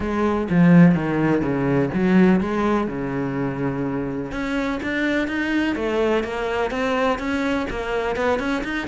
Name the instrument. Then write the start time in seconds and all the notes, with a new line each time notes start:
cello
0.00 G#3
0.50 F3
0.94 D#3
1.41 C#3
1.94 F#3
2.40 G#3
2.87 C#3
4.31 C#4
4.82 D4
5.27 D#4
5.75 A3
6.23 A#3
6.70 C4
7.18 C#4
7.70 A#3
8.16 B3
8.39 C#4
8.64 D#4